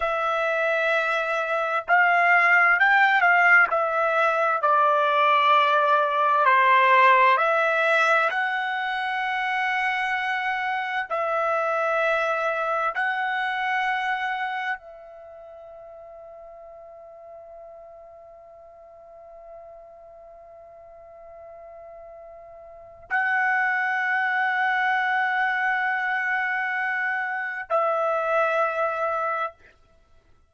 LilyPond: \new Staff \with { instrumentName = "trumpet" } { \time 4/4 \tempo 4 = 65 e''2 f''4 g''8 f''8 | e''4 d''2 c''4 | e''4 fis''2. | e''2 fis''2 |
e''1~ | e''1~ | e''4 fis''2.~ | fis''2 e''2 | }